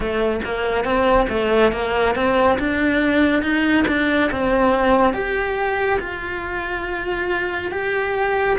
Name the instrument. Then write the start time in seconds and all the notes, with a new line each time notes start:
cello
0.00 A3
0.44 A#3
0.84 C4
1.29 A3
1.72 A#3
2.15 C4
2.59 D4
3.42 D#4
3.87 D4
4.31 C4
5.13 G4
5.99 F4
7.71 G4